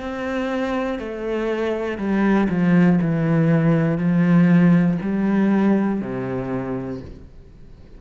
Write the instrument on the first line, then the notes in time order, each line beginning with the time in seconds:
cello
0.00 C4
0.99 A3
1.98 G3
2.50 F3
3.01 E3
3.98 F3
5.02 G3
6.01 C3